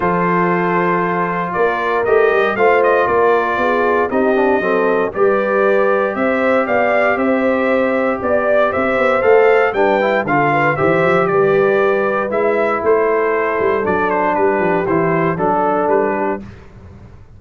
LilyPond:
<<
  \new Staff \with { instrumentName = "trumpet" } { \time 4/4 \tempo 4 = 117 c''2. d''4 | dis''4 f''8 dis''8 d''2 | dis''2 d''2 | e''4 f''4 e''2 |
d''4 e''4 f''4 g''4 | f''4 e''4 d''2 | e''4 c''2 d''8 c''8 | b'4 c''4 a'4 b'4 | }
  \new Staff \with { instrumentName = "horn" } { \time 4/4 a'2. ais'4~ | ais'4 c''4 ais'4 gis'4 | g'4 a'4 b'2 | c''4 d''4 c''2 |
d''4 c''2 b'4 | a'8 b'8 c''4 b'2~ | b'4 a'2. | g'2 a'4. g'8 | }
  \new Staff \with { instrumentName = "trombone" } { \time 4/4 f'1 | g'4 f'2. | dis'8 d'8 c'4 g'2~ | g'1~ |
g'2 a'4 d'8 e'8 | f'4 g'2. | e'2. d'4~ | d'4 e'4 d'2 | }
  \new Staff \with { instrumentName = "tuba" } { \time 4/4 f2. ais4 | a8 g8 a4 ais4 b4 | c'4 fis4 g2 | c'4 b4 c'2 |
b4 c'8 b8 a4 g4 | d4 e8 f8 g2 | gis4 a4. g8 fis4 | g8 f8 e4 fis4 g4 | }
>>